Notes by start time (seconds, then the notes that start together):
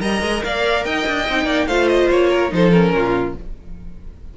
0.00 G3 A#4 D#5 A#5
0.22 G#3
0.44 A#3 D5 F5
0.85 D#4 D#5 G5
1.07 D4
1.29 C4 D#4
1.46 A#3 D5
1.67 A3 F4 C5 F5
1.89 D#5
2.11 A#3 C#5
2.30 A#4
2.51 F3 D#4 A4 C5
2.71 C#4 A#4
2.93 A#2 F4